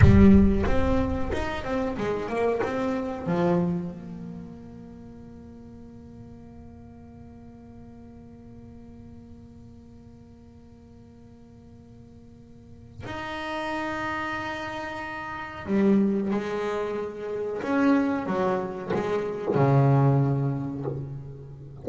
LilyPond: \new Staff \with { instrumentName = "double bass" } { \time 4/4 \tempo 4 = 92 g4 c'4 dis'8 c'8 gis8 ais8 | c'4 f4 ais2~ | ais1~ | ais1~ |
ais1 | dis'1 | g4 gis2 cis'4 | fis4 gis4 cis2 | }